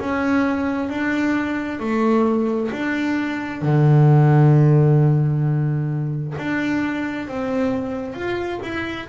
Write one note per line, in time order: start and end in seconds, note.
0.00 0.90 C#4
0.90 1.80 D4
1.80 2.71 A3
2.72 3.62 D4
3.62 6.35 D3
6.38 7.28 D4
7.28 8.14 C4
8.14 8.60 F4
8.63 9.09 E4